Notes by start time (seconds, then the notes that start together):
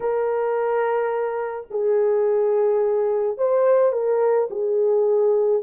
0.00 A#4
1.70 G#4
3.37 C5
3.92 A#4
4.50 G#4